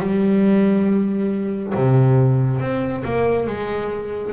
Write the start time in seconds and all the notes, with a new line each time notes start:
0.00 G3
1.75 C3
2.60 C4
3.05 A#3
3.47 G#3